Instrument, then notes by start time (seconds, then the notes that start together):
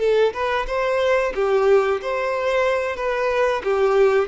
violin
0.00 A4
0.34 B4
0.67 C5
1.35 G4
2.02 C5
2.96 B4
3.64 G4